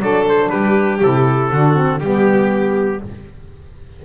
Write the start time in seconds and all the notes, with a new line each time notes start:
0.00 F#3 D4 A4 D5
0.29 C5
0.50 G3 G4 B4
1.01 C3 E4 A4
1.51 D3 D4 F#4
1.75 C4
1.99 G3 B3 G4